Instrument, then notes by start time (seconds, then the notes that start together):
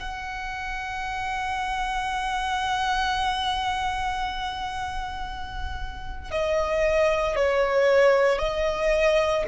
violin
0.00 F#5
6.31 D#5
7.36 C#5
8.39 D#5